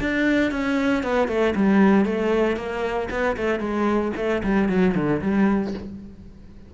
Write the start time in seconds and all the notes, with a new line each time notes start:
0.00 D4
0.51 C#4
1.03 B3
1.28 A3
1.55 G3
2.05 A3
2.56 A#3
3.10 B3
3.37 A3
3.60 G#3
4.16 A3
4.43 G3
4.69 F#3
4.95 D3
5.22 G3